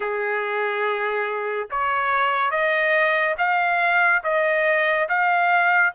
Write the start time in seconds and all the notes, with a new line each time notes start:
0.00 G#4
1.71 C#5
2.50 D#5
3.38 F5
4.23 D#5
5.08 F5